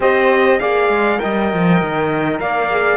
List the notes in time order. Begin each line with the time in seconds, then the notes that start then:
0.00 C4 G4 C5 D#5
0.59 A#3 G#4 D5 F5
0.89 G#3
1.19 G3 A#4 D#5 G5
1.53 F3
1.81 D#3
2.40 A#3 D5 F5
2.70 G#4